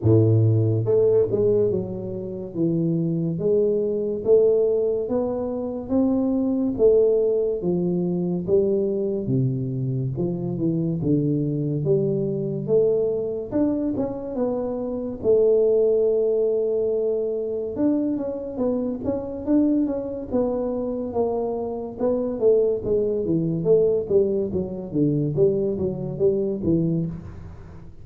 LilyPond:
\new Staff \with { instrumentName = "tuba" } { \time 4/4 \tempo 4 = 71 a,4 a8 gis8 fis4 e4 | gis4 a4 b4 c'4 | a4 f4 g4 c4 | f8 e8 d4 g4 a4 |
d'8 cis'8 b4 a2~ | a4 d'8 cis'8 b8 cis'8 d'8 cis'8 | b4 ais4 b8 a8 gis8 e8 | a8 g8 fis8 d8 g8 fis8 g8 e8 | }